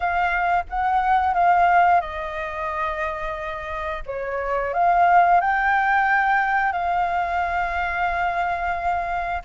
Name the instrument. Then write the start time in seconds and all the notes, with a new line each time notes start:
flute
0.00 F5
0.69 F#5
1.34 F5
2.00 D#5
4.06 C#5
4.73 F5
5.41 G5
6.72 F5